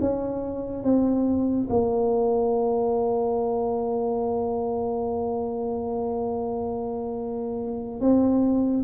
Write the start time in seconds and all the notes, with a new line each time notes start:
0.00 C#4
0.83 C4
1.69 A#3
8.00 C4